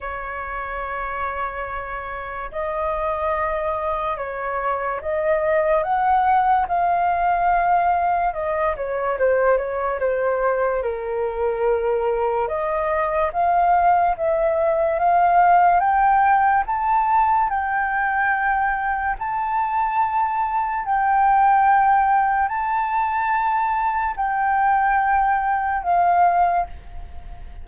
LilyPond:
\new Staff \with { instrumentName = "flute" } { \time 4/4 \tempo 4 = 72 cis''2. dis''4~ | dis''4 cis''4 dis''4 fis''4 | f''2 dis''8 cis''8 c''8 cis''8 | c''4 ais'2 dis''4 |
f''4 e''4 f''4 g''4 | a''4 g''2 a''4~ | a''4 g''2 a''4~ | a''4 g''2 f''4 | }